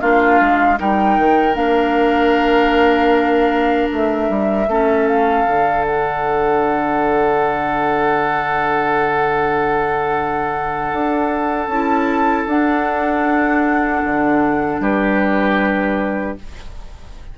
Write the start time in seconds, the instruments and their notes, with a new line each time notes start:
0.00 bassoon A#3, clarinet D4, oboe F4, flute F5
0.40 bassoon G#3
0.77 bassoon G3, clarinet D#4, oboe A#4, flute G5
1.18 bassoon D#3
1.54 bassoon A#3, clarinet D4, flute F5
3.91 bassoon A3, flute E5
4.29 bassoon G3
4.68 bassoon A3, clarinet C#4, oboe A4
5.07 flute F5
5.47 bassoon D3, clarinet D4
5.86 flute F#5
10.92 bassoon D4
11.67 bassoon C#4, clarinet E4, flute A5
12.47 bassoon D4, clarinet D4, flute F#5
14.04 bassoon D3
14.80 bassoon G3, oboe G4, flute B4